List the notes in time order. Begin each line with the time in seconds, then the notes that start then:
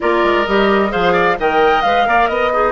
0.00 A#3 F4 A#4 D5
0.23 G#3
0.46 G3 G4 D#5
0.89 F3 G#4 C5 F5
1.12 D5
1.38 D#3 A#4 D#5 G5
1.81 G#3 B4 F5
2.05 A#3 A#4 D5
2.27 B3 D#5
2.52 D#4 G#4